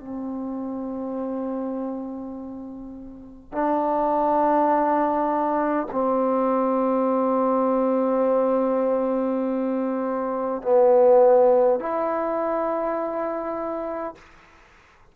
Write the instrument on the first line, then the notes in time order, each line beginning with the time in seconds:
trombone
0.00 C4
3.52 D4
5.92 C4
10.62 B3
11.80 E4